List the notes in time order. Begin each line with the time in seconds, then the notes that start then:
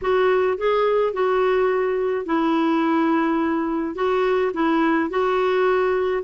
0.01 F#4
0.57 G#4
1.13 F#4
2.25 E4
3.95 F#4
4.53 E4
5.09 F#4